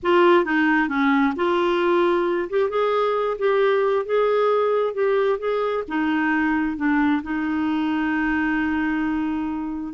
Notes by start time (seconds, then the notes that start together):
0.02 F4
0.44 D#4
0.88 C#4
1.36 F4
2.49 G4
2.69 G#4
3.38 G4
4.05 G#4
4.94 G4
5.38 G#4
5.88 D#4
6.76 D4
7.22 D#4